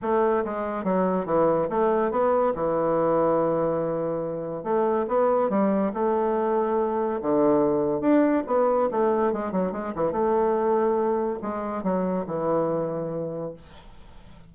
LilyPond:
\new Staff \with { instrumentName = "bassoon" } { \time 4/4 \tempo 4 = 142 a4 gis4 fis4 e4 | a4 b4 e2~ | e2. a4 | b4 g4 a2~ |
a4 d2 d'4 | b4 a4 gis8 fis8 gis8 e8 | a2. gis4 | fis4 e2. | }